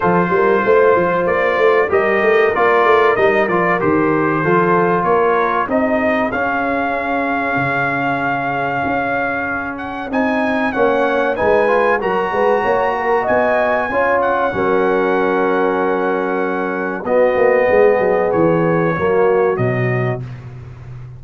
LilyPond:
<<
  \new Staff \with { instrumentName = "trumpet" } { \time 4/4 \tempo 4 = 95 c''2 d''4 dis''4 | d''4 dis''8 d''8 c''2 | cis''4 dis''4 f''2~ | f''2.~ f''8 fis''8 |
gis''4 fis''4 gis''4 ais''4~ | ais''4 gis''4. fis''4.~ | fis''2. dis''4~ | dis''4 cis''2 dis''4 | }
  \new Staff \with { instrumentName = "horn" } { \time 4/4 a'8 ais'8 c''2 ais'4~ | ais'2. a'4 | ais'4 gis'2.~ | gis'1~ |
gis'4 cis''4 b'4 ais'8 b'8 | cis''8 ais'8 dis''4 cis''4 ais'4~ | ais'2. fis'4 | gis'2 fis'2 | }
  \new Staff \with { instrumentName = "trombone" } { \time 4/4 f'2. g'4 | f'4 dis'8 f'8 g'4 f'4~ | f'4 dis'4 cis'2~ | cis'1 |
dis'4 cis'4 dis'8 f'8 fis'4~ | fis'2 f'4 cis'4~ | cis'2. b4~ | b2 ais4 fis4 | }
  \new Staff \with { instrumentName = "tuba" } { \time 4/4 f8 g8 a8 f8 ais8 a8 g8 a8 | ais8 a8 g8 f8 dis4 f4 | ais4 c'4 cis'2 | cis2 cis'2 |
c'4 ais4 gis4 fis8 gis8 | ais4 b4 cis'4 fis4~ | fis2. b8 ais8 | gis8 fis8 e4 fis4 b,4 | }
>>